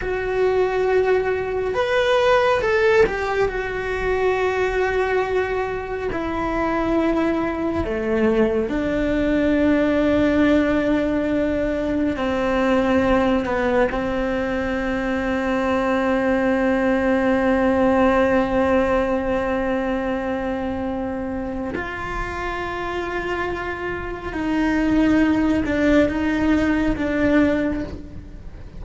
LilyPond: \new Staff \with { instrumentName = "cello" } { \time 4/4 \tempo 4 = 69 fis'2 b'4 a'8 g'8 | fis'2. e'4~ | e'4 a4 d'2~ | d'2 c'4. b8 |
c'1~ | c'1~ | c'4 f'2. | dis'4. d'8 dis'4 d'4 | }